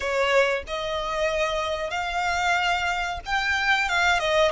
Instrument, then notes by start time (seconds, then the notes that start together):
violin
0.00 C#5
0.67 D#5
1.90 F5
3.25 G5
3.88 F5
4.19 D#5